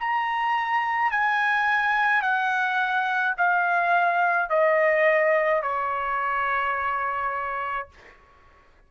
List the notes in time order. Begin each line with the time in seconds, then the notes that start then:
0.00 A#5
1.12 G#5
2.22 F#5
3.38 F5
4.50 D#5
5.63 C#5